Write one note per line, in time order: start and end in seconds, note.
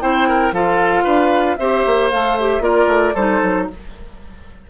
0.00 0.52 C4
0.00 0.52 E4
0.00 0.28 C5
0.00 0.53 G5
0.28 0.53 A#4
0.52 1.04 F3
0.52 1.57 F4
0.52 1.04 A4
0.52 1.57 F5
1.04 1.57 D4
1.04 1.56 B4
1.57 1.85 C4
1.57 2.11 G4
1.57 2.63 C5
1.57 2.09 E5
1.85 2.11 A#3
2.10 2.60 A3
2.10 2.37 A4
2.10 2.37 F5
2.37 2.61 G4
2.37 2.63 E5
2.60 2.86 A#3
2.60 3.13 F4
2.60 3.14 A#4
2.60 3.15 D5
2.87 3.13 A3
3.14 3.41 G3
3.14 3.69 D#4
3.14 3.66 A4
3.14 3.67 C5
3.42 3.68 F#3